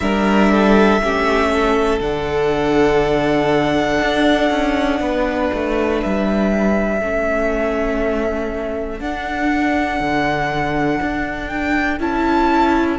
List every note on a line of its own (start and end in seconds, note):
0.00 0.99 G3
0.00 1.01 D4
0.00 0.51 A#4
0.00 1.98 E5
0.52 1.02 A4
0.99 1.99 A3
0.99 2.00 C#4
0.99 1.50 G4
1.50 5.00 A4
2.00 4.00 D3
2.00 7.00 D4
2.00 6.00 F#5
4.01 4.50 D4
4.50 5.00 C#4
5.00 5.50 B3
5.00 6.99 B4
5.53 6.03 A3
6.01 7.00 G3
6.01 9.00 E5
6.99 9.00 A3
6.99 9.01 C#4
6.99 12.98 A4
9.00 10.00 D4
9.00 12.00 D4
9.00 11.47 F#5
10.00 11.00 D3
11.01 11.99 D4
11.47 11.97 G5
11.99 12.98 C#4
11.99 12.98 E4
11.99 12.98 A5